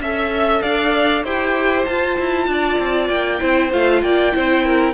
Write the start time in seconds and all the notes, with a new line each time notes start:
0.00 C#4 A4 E5
0.62 D4 D5 F5
1.24 E4 G4 C5 G5
1.86 F4 A5
2.19 E4
2.47 D4 D5
2.79 C4
3.09 A#3 G5
3.40 C4 E4 C5
3.72 A3 F4 F5
4.02 A#3 D5 G5
4.32 C4 E4 C5
4.65 A#4